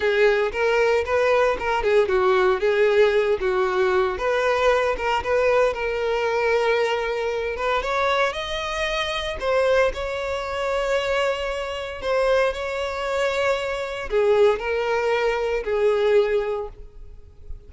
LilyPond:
\new Staff \with { instrumentName = "violin" } { \time 4/4 \tempo 4 = 115 gis'4 ais'4 b'4 ais'8 gis'8 | fis'4 gis'4. fis'4. | b'4. ais'8 b'4 ais'4~ | ais'2~ ais'8 b'8 cis''4 |
dis''2 c''4 cis''4~ | cis''2. c''4 | cis''2. gis'4 | ais'2 gis'2 | }